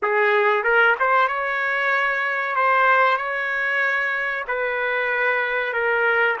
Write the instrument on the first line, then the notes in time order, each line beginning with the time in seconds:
trumpet
0.02 G#4
0.63 A#4
0.99 C5
1.28 C#5
2.55 C5
3.17 C#5
4.47 B4
5.73 A#4